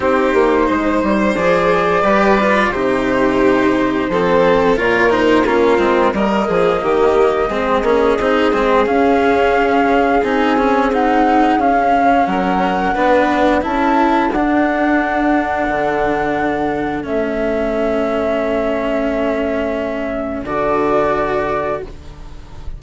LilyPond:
<<
  \new Staff \with { instrumentName = "flute" } { \time 4/4 \tempo 4 = 88 c''2 d''2 | c''2. cis''8 c''8 | ais'4 dis''2.~ | dis''4 f''2 gis''4 |
fis''4 f''4 fis''2 | a''4 fis''2.~ | fis''4 e''2.~ | e''2 d''2 | }
  \new Staff \with { instrumentName = "violin" } { \time 4/4 g'4 c''2 b'4 | g'2 a'4 ais'4 | f'4 ais'8 gis'8 g'4 gis'4~ | gis'1~ |
gis'2 ais'4 b'4 | a'1~ | a'1~ | a'1 | }
  \new Staff \with { instrumentName = "cello" } { \time 4/4 dis'2 gis'4 g'8 f'8 | dis'2 c'4 f'8 dis'8 | cis'8 c'8 ais2 c'8 cis'8 | dis'8 c'8 cis'2 dis'8 cis'8 |
dis'4 cis'2 d'4 | e'4 d'2.~ | d'4 cis'2.~ | cis'2 fis'2 | }
  \new Staff \with { instrumentName = "bassoon" } { \time 4/4 c'8 ais8 gis8 g8 f4 g4 | c2 f4 ais,4 | ais8 gis8 g8 f8 dis4 gis8 ais8 | c'8 gis8 cis'2 c'4~ |
c'4 cis'4 fis4 b4 | cis'4 d'2 d4~ | d4 a2.~ | a2 d2 | }
>>